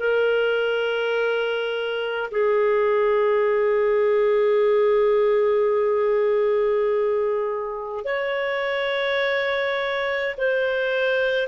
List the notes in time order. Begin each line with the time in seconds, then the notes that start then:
0.00 A#4
2.32 G#4
8.05 C#5
10.38 C5